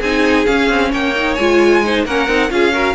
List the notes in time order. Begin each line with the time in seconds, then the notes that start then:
0.00 C4 D#4 G#4 G#5
0.46 C#4 F5
0.70 C4
0.92 A#3 C#5 G5
1.16 D#4
1.35 G#3 F4 G#5
1.85 D#4 C5
2.06 A#3 C#4 A#4 F#5
2.28 C4 D#4
2.50 C#4 F4 G#4 F5
2.73 F#4 A#4